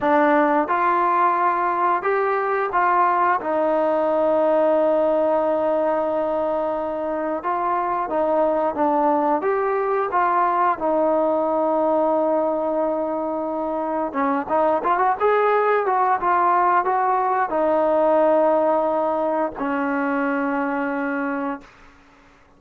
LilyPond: \new Staff \with { instrumentName = "trombone" } { \time 4/4 \tempo 4 = 89 d'4 f'2 g'4 | f'4 dis'2.~ | dis'2. f'4 | dis'4 d'4 g'4 f'4 |
dis'1~ | dis'4 cis'8 dis'8 f'16 fis'16 gis'4 fis'8 | f'4 fis'4 dis'2~ | dis'4 cis'2. | }